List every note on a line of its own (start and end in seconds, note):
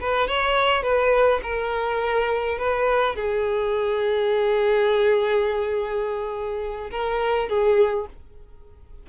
0.00 0.27 B4
0.27 0.82 C#5
0.82 1.40 B4
1.42 2.58 A#4
2.58 3.15 B4
3.15 6.90 G#4
6.90 7.48 A#4
7.48 8.06 G#4